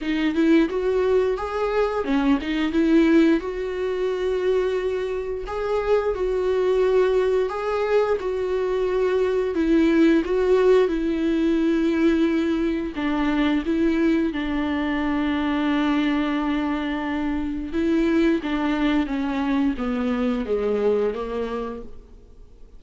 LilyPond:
\new Staff \with { instrumentName = "viola" } { \time 4/4 \tempo 4 = 88 dis'8 e'8 fis'4 gis'4 cis'8 dis'8 | e'4 fis'2. | gis'4 fis'2 gis'4 | fis'2 e'4 fis'4 |
e'2. d'4 | e'4 d'2.~ | d'2 e'4 d'4 | cis'4 b4 gis4 ais4 | }